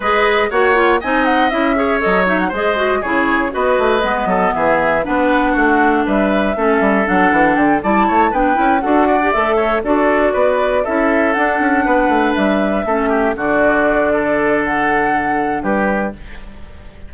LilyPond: <<
  \new Staff \with { instrumentName = "flute" } { \time 4/4 \tempo 4 = 119 dis''4 fis''4 gis''8 fis''8 e''4 | dis''8 e''16 fis''16 dis''4 cis''4 dis''4~ | dis''4 e''4 fis''2 | e''2 fis''4 g''8 a''8~ |
a''8 g''4 fis''4 e''4 d''8~ | d''4. e''4 fis''4.~ | fis''8 e''2 d''4.~ | d''4 fis''2 b'4 | }
  \new Staff \with { instrumentName = "oboe" } { \time 4/4 b'4 cis''4 dis''4. cis''8~ | cis''4 c''4 gis'4 b'4~ | b'8 a'8 gis'4 b'4 fis'4 | b'4 a'2~ a'8 d''8 |
cis''8 b'4 a'8 d''4 cis''8 a'8~ | a'8 b'4 a'2 b'8~ | b'4. a'8 g'8 fis'4. | a'2. g'4 | }
  \new Staff \with { instrumentName = "clarinet" } { \time 4/4 gis'4 fis'8 f'8 dis'4 e'8 gis'8 | a'8 dis'8 gis'8 fis'8 e'4 fis'4 | b2 d'2~ | d'4 cis'4 d'4. e'8~ |
e'8 d'8 e'8 fis'8. g'16 a'4 fis'8~ | fis'4. e'4 d'4.~ | d'4. cis'4 d'4.~ | d'1 | }
  \new Staff \with { instrumentName = "bassoon" } { \time 4/4 gis4 ais4 c'4 cis'4 | fis4 gis4 cis4 b8 a8 | gis8 fis8 e4 b4 a4 | g4 a8 g8 fis8 e8 d8 g8 |
a8 b8 cis'8 d'4 a4 d'8~ | d'8 b4 cis'4 d'8 cis'8 b8 | a8 g4 a4 d4.~ | d2. g4 | }
>>